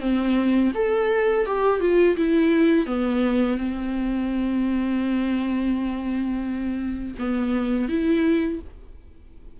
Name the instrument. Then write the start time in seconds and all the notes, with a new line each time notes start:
viola
0.00 C4
0.74 A4
1.45 G4
1.80 F4
2.16 E4
2.86 B3
3.57 C4
7.19 B3
7.88 E4